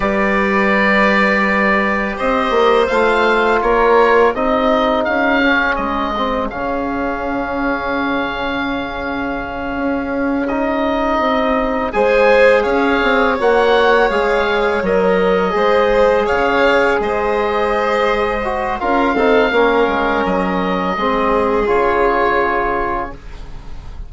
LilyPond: <<
  \new Staff \with { instrumentName = "oboe" } { \time 4/4 \tempo 4 = 83 d''2. dis''4 | f''4 cis''4 dis''4 f''4 | dis''4 f''2.~ | f''2~ f''8 dis''4.~ |
dis''8 gis''4 f''4 fis''4 f''8~ | f''8 dis''2 f''4 dis''8~ | dis''2 f''2 | dis''2 cis''2 | }
  \new Staff \with { instrumentName = "violin" } { \time 4/4 b'2. c''4~ | c''4 ais'4 gis'2~ | gis'1~ | gis'1~ |
gis'8 c''4 cis''2~ cis''8~ | cis''4. c''4 cis''4 c''8~ | c''2 ais'8 a'8 ais'4~ | ais'4 gis'2. | }
  \new Staff \with { instrumentName = "trombone" } { \time 4/4 g'1 | f'2 dis'4. cis'8~ | cis'8 c'8 cis'2.~ | cis'2~ cis'8 dis'4.~ |
dis'8 gis'2 fis'4 gis'8~ | gis'8 ais'4 gis'2~ gis'8~ | gis'4. fis'8 f'8 dis'8 cis'4~ | cis'4 c'4 f'2 | }
  \new Staff \with { instrumentName = "bassoon" } { \time 4/4 g2. c'8 ais8 | a4 ais4 c'4 cis'4 | gis4 cis2.~ | cis4. cis'2 c'8~ |
c'8 gis4 cis'8 c'8 ais4 gis8~ | gis8 fis4 gis4 cis4 gis8~ | gis2 cis'8 c'8 ais8 gis8 | fis4 gis4 cis2 | }
>>